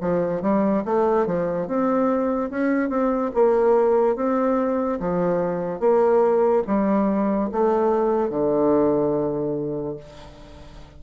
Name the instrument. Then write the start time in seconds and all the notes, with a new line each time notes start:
bassoon
0.00 F3
0.41 G3
0.85 A3
1.26 F3
1.67 C4
2.50 C#4
2.89 C4
3.34 A#3
4.16 C4
5.00 F3
5.79 A#3
6.66 G3
7.52 A3
8.30 D3